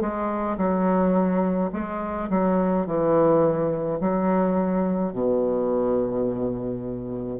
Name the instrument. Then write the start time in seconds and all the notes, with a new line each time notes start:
bassoon
0.00 G#3
0.57 F#3
1.72 G#3
2.30 F#3
2.86 E3
4.00 F#3
5.13 B2